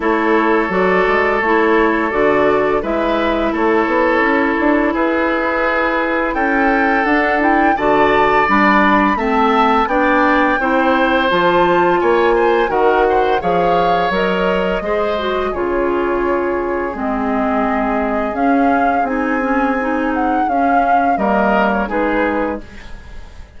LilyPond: <<
  \new Staff \with { instrumentName = "flute" } { \time 4/4 \tempo 4 = 85 cis''4 d''4 cis''4 d''4 | e''4 cis''2 b'4~ | b'4 g''4 fis''8 g''8 a''4 | b''4 a''4 g''2 |
a''4 gis''4 fis''4 f''4 | dis''2 cis''2 | dis''2 f''4 gis''4~ | gis''8 fis''8 f''4 dis''8. cis''16 b'4 | }
  \new Staff \with { instrumentName = "oboe" } { \time 4/4 a'1 | b'4 a'2 gis'4~ | gis'4 a'2 d''4~ | d''4 e''4 d''4 c''4~ |
c''4 cis''8 c''8 ais'8 c''8 cis''4~ | cis''4 c''4 gis'2~ | gis'1~ | gis'2 ais'4 gis'4 | }
  \new Staff \with { instrumentName = "clarinet" } { \time 4/4 e'4 fis'4 e'4 fis'4 | e'1~ | e'2 d'8 e'8 fis'4 | d'4 c'4 d'4 e'4 |
f'2 fis'4 gis'4 | ais'4 gis'8 fis'8 f'2 | c'2 cis'4 dis'8 cis'8 | dis'4 cis'4 ais4 dis'4 | }
  \new Staff \with { instrumentName = "bassoon" } { \time 4/4 a4 fis8 gis8 a4 d4 | gis4 a8 b8 cis'8 d'8 e'4~ | e'4 cis'4 d'4 d4 | g4 a4 b4 c'4 |
f4 ais4 dis4 f4 | fis4 gis4 cis2 | gis2 cis'4 c'4~ | c'4 cis'4 g4 gis4 | }
>>